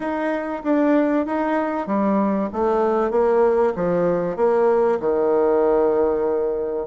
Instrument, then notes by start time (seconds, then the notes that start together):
bassoon
0.00 D#4
0.63 D4
1.26 D#4
1.86 G3
2.52 A3
3.10 A#3
3.75 F3
4.36 A#3
5.00 D#3